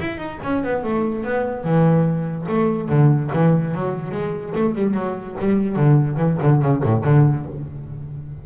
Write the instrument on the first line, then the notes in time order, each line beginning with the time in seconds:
double bass
0.00 E4
0.17 D#4
0.43 C#4
0.63 B3
0.84 A3
1.24 B3
1.64 E3
2.48 A3
2.89 D3
3.33 E3
3.74 F#3
4.12 G#3
4.55 A3
4.75 G3
4.94 F#3
5.39 G3
5.76 D3
6.17 E3
6.42 D3
6.62 C#3
6.83 A2
7.04 D3